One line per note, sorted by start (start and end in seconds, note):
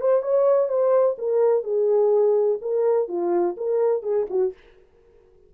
0.00 0.22 C5
0.22 0.68 C#5
0.68 1.16 C5
1.18 1.63 A#4
1.63 2.58 G#4
2.61 3.08 A#4
3.08 3.55 F4
3.57 4.02 A#4
4.02 4.26 G#4
4.29 4.53 F#4